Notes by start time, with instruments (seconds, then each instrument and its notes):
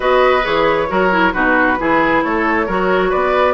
0.00 bassoon B3, clarinet F#4, oboe B4, flute D#5
0.43 bassoon E3, clarinet G#4, flute C#5
0.88 bassoon F#3, clarinet F#4, oboe A#4
1.10 clarinet E4
1.32 bassoon B2, clarinet D#4, oboe F#4, flute B4
1.79 bassoon E3, clarinet E4, oboe G#4
2.23 bassoon A3, oboe A4, flute C#5
2.66 bassoon F#3, clarinet F#4, oboe A#4
3.09 bassoon B3, oboe B4, flute D5